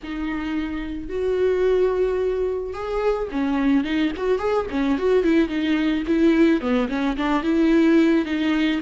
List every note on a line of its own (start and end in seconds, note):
0.03 1.09 D#4
1.09 2.73 F#4
2.73 3.28 G#4
3.31 3.84 C#4
3.84 4.11 D#4
4.17 4.38 F#4
4.38 4.66 G#4
4.70 4.98 C#4
4.98 5.23 F#4
5.23 5.48 E4
5.48 6.03 D#4
6.07 6.60 E4
6.60 6.88 B3
6.89 7.16 C#4
7.17 7.43 D4
7.43 8.25 E4
8.25 8.80 D#4